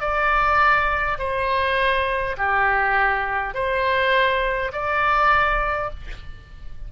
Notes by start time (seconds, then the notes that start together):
0.00 D5
1.18 C5
2.37 G4
3.54 C5
4.72 D5